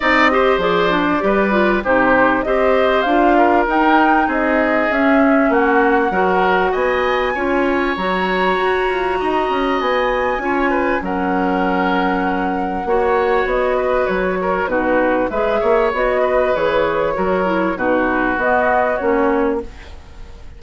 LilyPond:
<<
  \new Staff \with { instrumentName = "flute" } { \time 4/4 \tempo 4 = 98 dis''4 d''2 c''4 | dis''4 f''4 g''4 dis''4 | e''4 fis''2 gis''4~ | gis''4 ais''2. |
gis''2 fis''2~ | fis''2 dis''4 cis''4 | b'4 e''4 dis''4 cis''4~ | cis''4 b'4 dis''4 cis''4 | }
  \new Staff \with { instrumentName = "oboe" } { \time 4/4 d''8 c''4. b'4 g'4 | c''4. ais'4. gis'4~ | gis'4 fis'4 ais'4 dis''4 | cis''2. dis''4~ |
dis''4 cis''8 b'8 ais'2~ | ais'4 cis''4. b'4 ais'8 | fis'4 b'8 cis''4 b'4. | ais'4 fis'2. | }
  \new Staff \with { instrumentName = "clarinet" } { \time 4/4 dis'8 g'8 gis'8 d'8 g'8 f'8 dis'4 | g'4 f'4 dis'2 | cis'2 fis'2 | f'4 fis'2.~ |
fis'4 f'4 cis'2~ | cis'4 fis'2. | dis'4 gis'4 fis'4 gis'4 | fis'8 e'8 dis'4 b4 cis'4 | }
  \new Staff \with { instrumentName = "bassoon" } { \time 4/4 c'4 f4 g4 c4 | c'4 d'4 dis'4 c'4 | cis'4 ais4 fis4 b4 | cis'4 fis4 fis'8 f'8 dis'8 cis'8 |
b4 cis'4 fis2~ | fis4 ais4 b4 fis4 | b,4 gis8 ais8 b4 e4 | fis4 b,4 b4 ais4 | }
>>